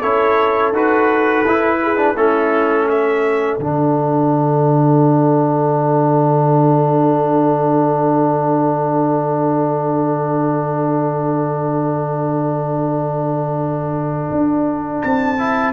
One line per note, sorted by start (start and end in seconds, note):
0.00 0.72 C#4
0.00 0.74 E4
0.00 1.79 A4
0.00 0.72 C#5
0.72 1.43 D#4
0.72 1.46 F#4
0.72 2.17 B4
1.45 2.15 E4
1.45 1.97 E4
1.82 2.15 G#4
1.97 2.15 D4
2.15 3.58 A3
2.15 3.60 C#4
2.15 2.87 E4
2.15 2.88 A4
2.88 15.73 A4
2.88 3.58 E5
3.58 14.30 D3
3.58 15.38 D4
3.58 15.01 F#5
14.31 15.03 D4
15.02 15.73 C4
15.02 15.73 A5
15.38 15.73 E4